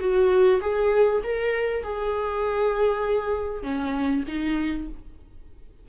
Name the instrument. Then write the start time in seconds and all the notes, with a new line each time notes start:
viola
0.00 F#4
0.61 G#4
1.24 A#4
1.83 G#4
3.63 C#4
4.28 D#4